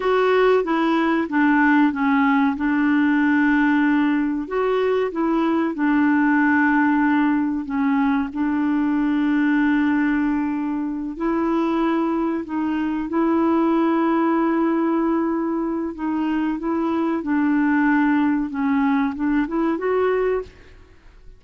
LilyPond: \new Staff \with { instrumentName = "clarinet" } { \time 4/4 \tempo 4 = 94 fis'4 e'4 d'4 cis'4 | d'2. fis'4 | e'4 d'2. | cis'4 d'2.~ |
d'4. e'2 dis'8~ | dis'8 e'2.~ e'8~ | e'4 dis'4 e'4 d'4~ | d'4 cis'4 d'8 e'8 fis'4 | }